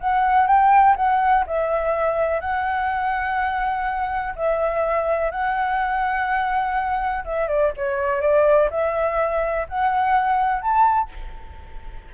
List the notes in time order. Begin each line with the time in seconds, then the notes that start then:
0.00 F#5
0.47 G5
0.96 F#5
1.46 E5
2.40 F#5
4.35 E5
5.31 F#5
7.24 E5
7.48 D5
7.76 C#5
8.21 D5
8.70 E5
9.69 F#5
10.61 A5